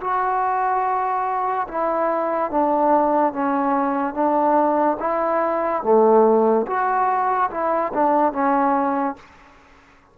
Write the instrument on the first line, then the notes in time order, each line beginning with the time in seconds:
trombone
0.00 F#4
1.67 E4
2.50 D4
3.33 C#4
4.14 D4
4.99 E4
5.83 A3
6.66 F#4
7.50 E4
7.93 D4
8.33 C#4